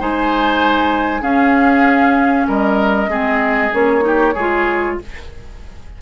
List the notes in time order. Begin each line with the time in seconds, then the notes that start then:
0.00 G#3 D#4 C5 G#5
1.21 C#4 G#4 F5
2.48 G3 A#4 D#5
3.08 G#3 C4 G#4
3.73 A#3 C#4 C#5
4.01 D#4 G4
4.34 G#3 F4 G#4